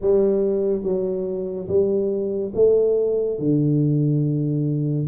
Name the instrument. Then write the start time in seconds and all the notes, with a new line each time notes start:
tuba
0.01 G3
0.83 F#3
1.67 G3
2.54 A3
3.38 D3